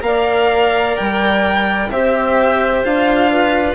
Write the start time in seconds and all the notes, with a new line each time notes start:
0.00 A#3 A#4 D5 F5
0.96 G3 G5
1.89 C4 G4 C5 E5
2.84 D4 F4 F5
3.31 B4